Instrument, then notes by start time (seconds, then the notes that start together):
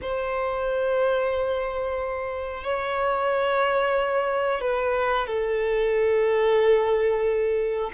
violin
0.01 C5
2.63 C#5
4.60 B4
5.27 A4